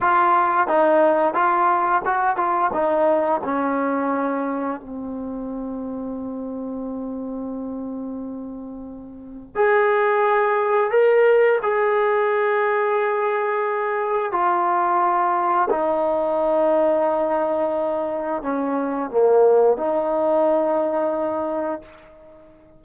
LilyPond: \new Staff \with { instrumentName = "trombone" } { \time 4/4 \tempo 4 = 88 f'4 dis'4 f'4 fis'8 f'8 | dis'4 cis'2 c'4~ | c'1~ | c'2 gis'2 |
ais'4 gis'2.~ | gis'4 f'2 dis'4~ | dis'2. cis'4 | ais4 dis'2. | }